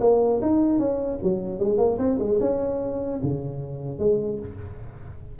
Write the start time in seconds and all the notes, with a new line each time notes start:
0.00 A#3
0.41 D#4
0.79 C#4
1.23 F#3
1.59 G#3
1.78 A#3
1.98 C4
2.19 G#3
2.40 C#4
3.23 C#3
3.99 G#3